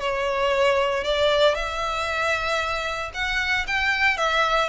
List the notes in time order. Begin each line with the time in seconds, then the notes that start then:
0.00 C#5
1.04 D5
1.55 E5
3.14 F#5
3.67 G5
4.17 E5